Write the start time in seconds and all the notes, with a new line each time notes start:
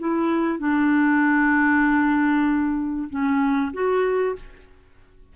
0.00 E4
0.59 D4
3.10 C#4
3.74 F#4